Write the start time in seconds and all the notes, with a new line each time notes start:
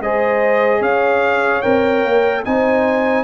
0.00 G#3 G#4 C5 D#5
0.80 C#4 C#5 F5
1.62 C4 A#4 G5
2.04 A#3
2.45 C4 D#4 C5 G#5